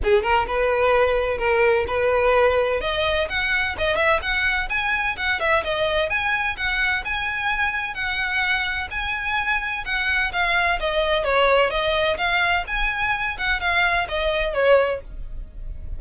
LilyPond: \new Staff \with { instrumentName = "violin" } { \time 4/4 \tempo 4 = 128 gis'8 ais'8 b'2 ais'4 | b'2 dis''4 fis''4 | dis''8 e''8 fis''4 gis''4 fis''8 e''8 | dis''4 gis''4 fis''4 gis''4~ |
gis''4 fis''2 gis''4~ | gis''4 fis''4 f''4 dis''4 | cis''4 dis''4 f''4 gis''4~ | gis''8 fis''8 f''4 dis''4 cis''4 | }